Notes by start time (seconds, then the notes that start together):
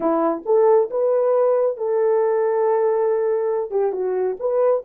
0.00 E4
0.45 A4
0.90 B4
1.77 A4
3.70 G4
3.92 F#4
4.39 B4